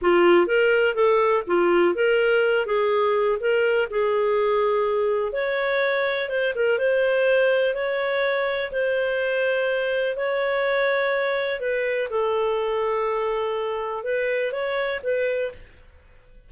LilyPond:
\new Staff \with { instrumentName = "clarinet" } { \time 4/4 \tempo 4 = 124 f'4 ais'4 a'4 f'4 | ais'4. gis'4. ais'4 | gis'2. cis''4~ | cis''4 c''8 ais'8 c''2 |
cis''2 c''2~ | c''4 cis''2. | b'4 a'2.~ | a'4 b'4 cis''4 b'4 | }